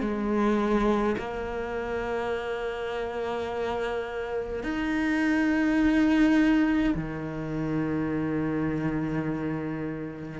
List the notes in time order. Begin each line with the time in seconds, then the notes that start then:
0.00 G#3
1.17 A#3
4.63 D#4
6.94 D#3